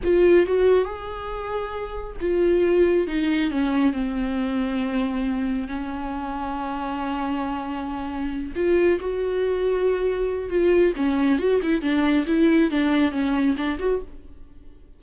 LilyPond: \new Staff \with { instrumentName = "viola" } { \time 4/4 \tempo 4 = 137 f'4 fis'4 gis'2~ | gis'4 f'2 dis'4 | cis'4 c'2.~ | c'4 cis'2.~ |
cis'2.~ cis'8 f'8~ | f'8 fis'2.~ fis'8 | f'4 cis'4 fis'8 e'8 d'4 | e'4 d'4 cis'4 d'8 fis'8 | }